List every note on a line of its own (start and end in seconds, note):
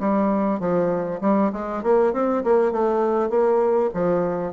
0.00 0.60 G3
0.60 1.21 F3
1.21 1.52 G3
1.53 1.83 G#3
1.83 2.13 A#3
2.13 2.44 C4
2.44 2.72 A#3
2.72 3.30 A3
3.30 3.91 A#3
3.94 4.53 F3